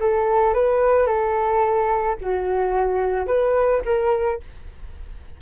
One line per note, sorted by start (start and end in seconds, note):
0.00 0.54 A4
0.54 1.06 B4
1.06 2.16 A4
2.21 3.27 F#4
3.27 3.82 B4
3.85 4.40 A#4